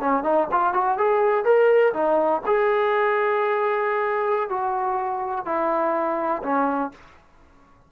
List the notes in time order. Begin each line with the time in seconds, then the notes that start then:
0.00 C#4
0.23 D#4
0.51 F4
0.73 F#4
0.98 G#4
1.44 A#4
1.93 D#4
2.46 G#4
4.49 F#4
5.45 E4
6.43 C#4